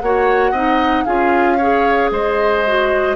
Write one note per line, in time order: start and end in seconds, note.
0.00 0.52 A#3
0.00 0.54 F#4
0.00 0.51 C#5
0.00 1.04 F#5
0.51 1.04 C4
0.51 1.05 D#4
0.51 1.04 D#5
1.04 2.11 C#4
1.04 1.58 F4
1.04 1.57 G#4
1.04 2.09 F5
1.57 2.65 G#4
1.57 2.10 C#5
2.11 3.15 G#3
2.11 3.15 C5
2.11 3.15 D#5
2.66 3.15 F#4